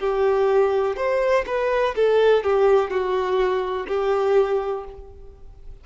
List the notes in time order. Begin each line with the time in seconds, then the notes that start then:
0.00 G4
0.97 C5
1.47 B4
1.96 A4
2.44 G4
2.91 F#4
3.88 G4